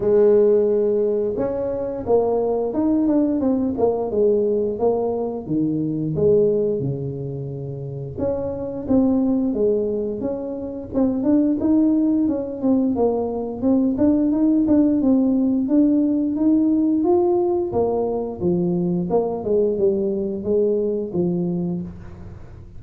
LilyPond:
\new Staff \with { instrumentName = "tuba" } { \time 4/4 \tempo 4 = 88 gis2 cis'4 ais4 | dis'8 d'8 c'8 ais8 gis4 ais4 | dis4 gis4 cis2 | cis'4 c'4 gis4 cis'4 |
c'8 d'8 dis'4 cis'8 c'8 ais4 | c'8 d'8 dis'8 d'8 c'4 d'4 | dis'4 f'4 ais4 f4 | ais8 gis8 g4 gis4 f4 | }